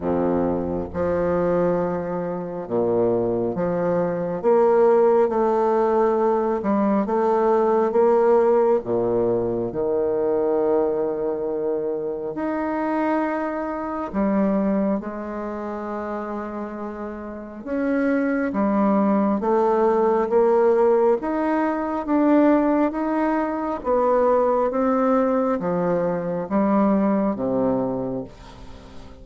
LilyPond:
\new Staff \with { instrumentName = "bassoon" } { \time 4/4 \tempo 4 = 68 f,4 f2 ais,4 | f4 ais4 a4. g8 | a4 ais4 ais,4 dis4~ | dis2 dis'2 |
g4 gis2. | cis'4 g4 a4 ais4 | dis'4 d'4 dis'4 b4 | c'4 f4 g4 c4 | }